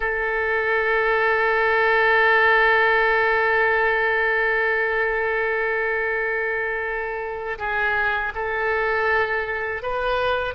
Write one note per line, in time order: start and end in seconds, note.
0.00 7.58 A4
7.58 8.32 G#4
8.34 9.82 A4
9.82 10.54 B4